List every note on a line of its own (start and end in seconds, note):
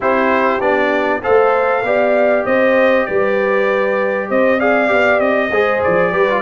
0.00 0.60 C4
0.00 0.60 E4
0.00 1.22 G4
0.00 0.60 C5
0.60 1.21 B3
0.60 1.21 D4
0.60 1.21 D5
1.22 1.83 A3
1.22 1.83 A4
1.22 1.84 C5
1.22 2.45 F5
1.83 2.44 B3
1.83 4.59 G4
1.83 2.45 D5
2.45 3.07 C4
2.45 3.06 C5
2.45 3.06 D#5
3.06 4.30 G3
3.06 4.29 B4
3.06 4.28 D5
4.29 4.91 C4
4.29 4.58 C5
4.29 4.60 D#5
4.58 4.87 G#4
4.58 5.49 D5
4.58 5.20 F5
4.87 5.19 B3
4.87 5.49 G4
5.19 5.50 C4
5.19 5.81 D#5
5.50 5.80 G#3
5.50 6.13 G#4
5.50 6.12 C5
5.83 6.12 F3
5.83 6.42 D5
6.12 6.42 G3
6.12 6.28 G4
6.12 6.42 B4
6.29 6.42 F4